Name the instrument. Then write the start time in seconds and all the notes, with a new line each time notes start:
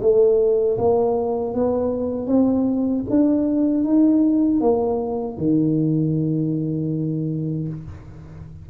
tuba
0.00 A3
0.78 A#3
1.53 B3
2.27 C4
3.09 D4
3.84 D#4
4.60 A#3
5.37 D#3